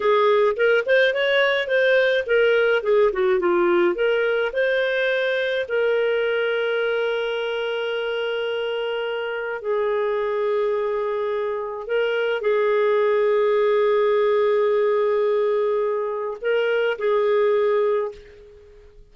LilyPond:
\new Staff \with { instrumentName = "clarinet" } { \time 4/4 \tempo 4 = 106 gis'4 ais'8 c''8 cis''4 c''4 | ais'4 gis'8 fis'8 f'4 ais'4 | c''2 ais'2~ | ais'1~ |
ais'4 gis'2.~ | gis'4 ais'4 gis'2~ | gis'1~ | gis'4 ais'4 gis'2 | }